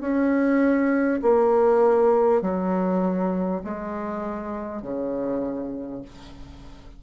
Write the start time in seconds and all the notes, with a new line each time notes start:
0.00 C#4
1.22 A#3
2.42 F#3
3.64 G#3
4.82 C#3